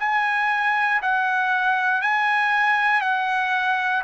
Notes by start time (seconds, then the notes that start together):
0.00 G#5
1.02 F#5
2.02 G#5
3.01 F#5